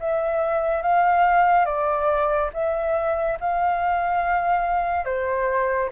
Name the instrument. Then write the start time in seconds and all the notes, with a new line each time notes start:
flute
0.00 E5
0.82 F5
1.66 D5
2.54 E5
3.40 F5
5.05 C5